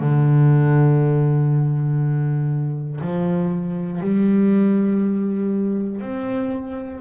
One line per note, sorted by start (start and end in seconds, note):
0.00 3.00 D3
3.01 4.00 F3
4.00 6.00 G3
6.00 7.00 C4